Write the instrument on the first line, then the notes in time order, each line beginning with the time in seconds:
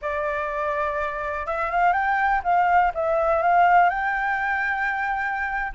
flute
0.01 D5
1.46 E5
1.71 F5
1.92 G5
2.43 F5
2.94 E5
3.42 F5
3.89 G5